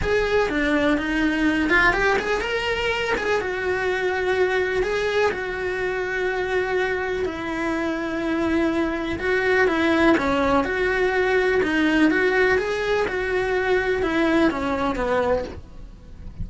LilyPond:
\new Staff \with { instrumentName = "cello" } { \time 4/4 \tempo 4 = 124 gis'4 d'4 dis'4. f'8 | g'8 gis'8 ais'4. gis'8 fis'4~ | fis'2 gis'4 fis'4~ | fis'2. e'4~ |
e'2. fis'4 | e'4 cis'4 fis'2 | dis'4 fis'4 gis'4 fis'4~ | fis'4 e'4 cis'4 b4 | }